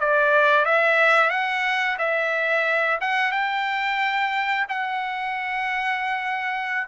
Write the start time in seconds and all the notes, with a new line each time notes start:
0.00 D5
0.66 E5
1.31 F#5
1.99 E5
3.01 F#5
3.32 G5
4.69 F#5